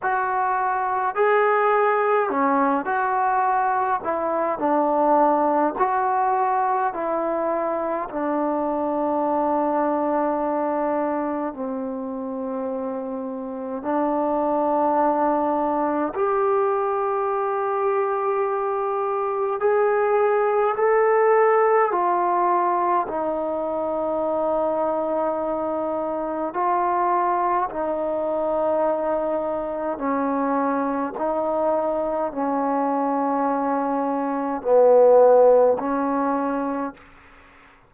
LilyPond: \new Staff \with { instrumentName = "trombone" } { \time 4/4 \tempo 4 = 52 fis'4 gis'4 cis'8 fis'4 e'8 | d'4 fis'4 e'4 d'4~ | d'2 c'2 | d'2 g'2~ |
g'4 gis'4 a'4 f'4 | dis'2. f'4 | dis'2 cis'4 dis'4 | cis'2 b4 cis'4 | }